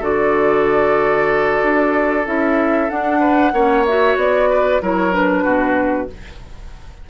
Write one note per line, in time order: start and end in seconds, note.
0.00 1.60 D3
0.00 2.26 F#4
0.00 3.19 A4
0.00 2.27 D5
1.63 2.27 D4
2.26 2.90 C#4
2.26 2.89 E4
2.26 2.90 E5
2.89 3.53 D4
2.89 3.86 F#5
3.20 3.52 B4
3.53 4.17 A#3
3.53 3.86 C#4
3.53 4.50 C#5
3.86 4.82 F#4
3.86 4.18 E5
4.17 4.81 B3
4.17 4.83 D5
4.50 4.82 B4
4.82 5.46 F#3
4.82 5.12 E4
4.82 5.44 A#4
4.82 5.14 C#5
5.12 6.08 D4
5.12 6.10 B4
5.44 6.09 B2
5.44 6.08 F#4